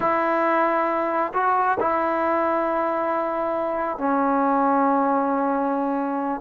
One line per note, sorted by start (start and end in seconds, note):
0.00 1.33 E4
1.33 1.78 F#4
1.80 3.98 E4
3.98 6.41 C#4